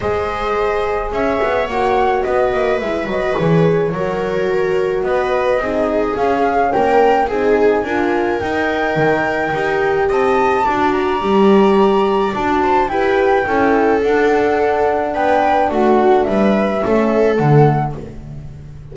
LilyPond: <<
  \new Staff \with { instrumentName = "flute" } { \time 4/4 \tempo 4 = 107 dis''2 e''4 fis''4 | dis''4 e''8 dis''8 cis''2~ | cis''4 dis''2 f''4 | g''4 gis''2 g''4~ |
g''2 a''4. ais''8~ | ais''2 a''4 g''4~ | g''4 fis''2 g''4 | fis''4 e''2 fis''4 | }
  \new Staff \with { instrumentName = "viola" } { \time 4/4 c''2 cis''2 | b'2. ais'4~ | ais'4 b'4 gis'2 | ais'4 gis'4 ais'2~ |
ais'2 dis''4 d''4~ | d''2~ d''8 c''8 b'4 | a'2. b'4 | fis'4 b'4 a'2 | }
  \new Staff \with { instrumentName = "horn" } { \time 4/4 gis'2. fis'4~ | fis'4 e'8 fis'8 gis'4 fis'4~ | fis'2 dis'4 cis'4~ | cis'4 dis'4 f'4 dis'4~ |
dis'4 g'2 fis'4 | g'2 fis'4 g'4 | e'4 d'2.~ | d'2 cis'4 a4 | }
  \new Staff \with { instrumentName = "double bass" } { \time 4/4 gis2 cis'8 b8 ais4 | b8 ais8 gis8 fis8 e4 fis4~ | fis4 b4 c'4 cis'4 | ais4 c'4 d'4 dis'4 |
dis4 dis'4 c'4 d'4 | g2 d'4 e'4 | cis'4 d'2 b4 | a4 g4 a4 d4 | }
>>